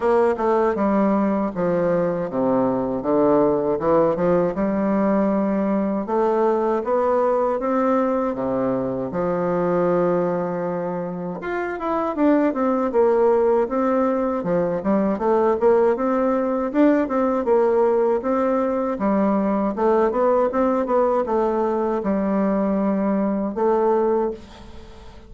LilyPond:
\new Staff \with { instrumentName = "bassoon" } { \time 4/4 \tempo 4 = 79 ais8 a8 g4 f4 c4 | d4 e8 f8 g2 | a4 b4 c'4 c4 | f2. f'8 e'8 |
d'8 c'8 ais4 c'4 f8 g8 | a8 ais8 c'4 d'8 c'8 ais4 | c'4 g4 a8 b8 c'8 b8 | a4 g2 a4 | }